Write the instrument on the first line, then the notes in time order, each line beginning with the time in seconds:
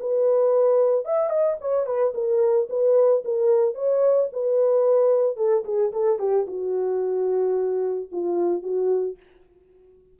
horn
0.00 B4
1.05 E5
1.30 D#5
1.61 C#5
1.86 B4
2.15 A#4
2.70 B4
3.25 A#4
3.75 C#5
4.33 B4
5.37 A4
5.65 G#4
5.92 A4
6.19 G4
6.47 F#4
8.12 F4
8.63 F#4